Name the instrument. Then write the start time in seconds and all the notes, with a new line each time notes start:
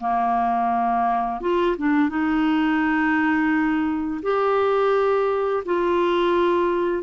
clarinet
0.00 A#3
1.41 F4
1.78 D4
2.09 D#4
4.23 G4
5.65 F4